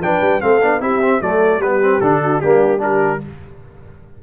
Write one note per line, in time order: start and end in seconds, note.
0.00 0.20 F3
0.00 0.41 D4
0.00 0.43 B4
0.00 0.41 G5
0.21 0.41 G3
0.41 0.62 A3
0.41 0.61 C4
0.41 0.81 A4
0.41 0.81 F5
0.61 0.80 B3
0.61 0.80 D4
0.80 1.20 C4
0.80 1.00 E4
0.80 1.21 G4
0.80 1.21 E5
1.01 1.21 C4
1.21 1.58 F#3
1.21 1.61 A3
1.21 1.61 A4
1.21 1.61 D5
1.58 1.98 G3
1.58 1.81 B3
1.58 2.21 G4
1.58 2.00 B4
1.81 2.01 C4
2.00 2.41 D3
2.00 2.42 D4
2.00 2.40 A4
2.21 2.41 F#4
2.40 3.22 G3
2.40 2.78 A#3
2.40 2.81 D4
2.40 2.80 G4
2.78 3.18 D4
2.78 3.22 G4
2.78 3.22 A#4